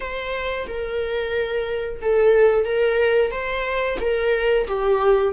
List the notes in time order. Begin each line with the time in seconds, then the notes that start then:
0.00 C5
0.67 A#4
2.01 A4
2.65 A#4
3.31 C5
4.00 A#4
4.67 G4